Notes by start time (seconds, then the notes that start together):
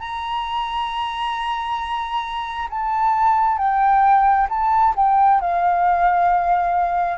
0.00 A#5
2.70 A5
3.58 G5
4.50 A5
4.96 G5
5.41 F5